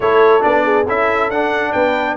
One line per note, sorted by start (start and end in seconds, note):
0.00 0.43 A3
0.00 0.40 E4
0.00 0.64 A4
0.00 0.43 C#5
0.40 0.87 B3
0.40 0.84 D4
0.40 0.86 D5
0.64 0.85 G#4
0.85 1.30 C#4
0.85 1.32 E4
0.85 1.72 A4
0.85 1.30 E5
1.30 1.73 D4
1.30 2.17 D4
1.30 1.72 F#5
1.72 2.17 B3
1.72 2.16 B4
1.72 2.15 G5